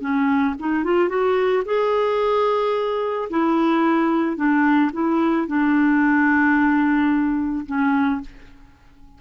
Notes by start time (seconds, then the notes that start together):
0.00 C#4
0.59 D#4
0.83 F4
1.08 F#4
1.65 G#4
3.30 E4
4.36 D4
4.92 E4
5.47 D4
7.66 C#4